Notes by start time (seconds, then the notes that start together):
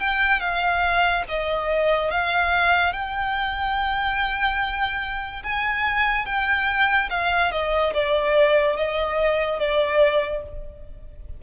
0.00 G5
0.40 F5
1.28 D#5
2.10 F5
2.92 G5
5.43 G#5
6.25 G5
7.09 F5
7.51 D#5
7.94 D5
8.76 D#5
9.59 D5